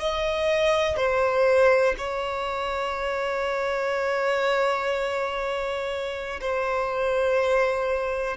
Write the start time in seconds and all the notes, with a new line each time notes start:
0.00 D#5
0.97 C5
1.98 C#5
6.41 C5